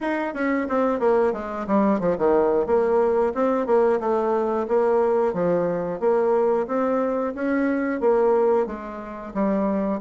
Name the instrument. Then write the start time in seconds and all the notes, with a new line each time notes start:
bassoon
0.00 D#4
0.34 C#4
0.68 C4
0.99 A#3
1.32 G#3
1.67 G3
1.99 F3
2.18 D#3
2.66 A#3
3.34 C4
3.66 A#3
4.00 A3
4.68 A#3
5.33 F3
6.00 A#3
6.67 C4
7.35 C#4
8.00 A#3
8.66 G#3
9.33 G3